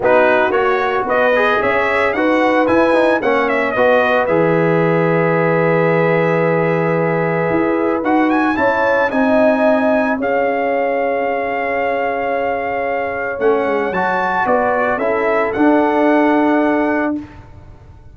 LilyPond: <<
  \new Staff \with { instrumentName = "trumpet" } { \time 4/4 \tempo 4 = 112 b'4 cis''4 dis''4 e''4 | fis''4 gis''4 fis''8 e''8 dis''4 | e''1~ | e''2. fis''8 gis''8 |
a''4 gis''2 f''4~ | f''1~ | f''4 fis''4 a''4 d''4 | e''4 fis''2. | }
  \new Staff \with { instrumentName = "horn" } { \time 4/4 fis'2 b'4 cis''4 | b'2 cis''4 b'4~ | b'1~ | b'1 |
cis''4 dis''2 cis''4~ | cis''1~ | cis''2. b'4 | a'1 | }
  \new Staff \with { instrumentName = "trombone" } { \time 4/4 dis'4 fis'4. gis'4. | fis'4 e'8 dis'8 cis'4 fis'4 | gis'1~ | gis'2. fis'4 |
e'4 dis'2 gis'4~ | gis'1~ | gis'4 cis'4 fis'2 | e'4 d'2. | }
  \new Staff \with { instrumentName = "tuba" } { \time 4/4 b4 ais4 b4 cis'4 | dis'4 e'4 ais4 b4 | e1~ | e2 e'4 dis'4 |
cis'4 c'2 cis'4~ | cis'1~ | cis'4 a8 gis8 fis4 b4 | cis'4 d'2. | }
>>